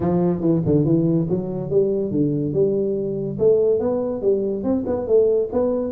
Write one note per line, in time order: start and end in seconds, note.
0.00 0.40 F3
0.40 0.61 E3
0.65 0.85 D3
0.85 1.27 E3
1.29 1.70 F#3
1.70 2.11 G3
2.11 2.53 D3
2.53 3.37 G3
3.38 3.79 A3
3.79 4.21 B3
4.21 4.63 G3
4.63 4.84 C4
4.86 5.07 B3
5.07 5.49 A3
5.52 5.92 B3